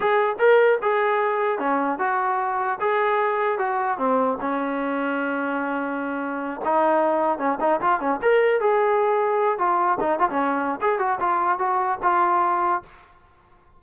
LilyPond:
\new Staff \with { instrumentName = "trombone" } { \time 4/4 \tempo 4 = 150 gis'4 ais'4 gis'2 | cis'4 fis'2 gis'4~ | gis'4 fis'4 c'4 cis'4~ | cis'1~ |
cis'8 dis'2 cis'8 dis'8 f'8 | cis'8 ais'4 gis'2~ gis'8 | f'4 dis'8 f'16 cis'4~ cis'16 gis'8 fis'8 | f'4 fis'4 f'2 | }